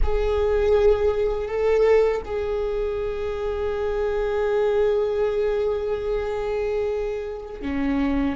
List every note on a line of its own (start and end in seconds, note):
0.02 1.48 G#4
1.48 2.22 A4
2.24 7.61 G#4
7.61 8.35 C#4